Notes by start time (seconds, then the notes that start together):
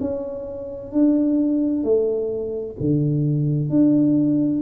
0.00 C#4
0.92 D4
1.83 A3
2.79 D3
3.69 D4